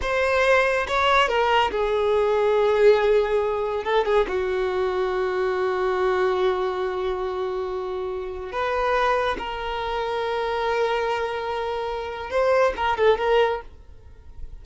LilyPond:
\new Staff \with { instrumentName = "violin" } { \time 4/4 \tempo 4 = 141 c''2 cis''4 ais'4 | gis'1~ | gis'4 a'8 gis'8 fis'2~ | fis'1~ |
fis'1 | b'2 ais'2~ | ais'1~ | ais'4 c''4 ais'8 a'8 ais'4 | }